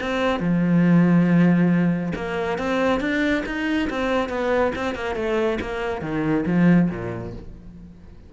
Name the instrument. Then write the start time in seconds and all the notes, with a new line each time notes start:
cello
0.00 C4
0.39 F3
2.15 A#3
2.58 C4
3.00 D4
3.46 D#4
3.89 C4
4.29 B3
4.75 C4
4.95 A#3
5.15 A3
5.60 A#3
6.01 D#3
6.46 F3
6.89 A#2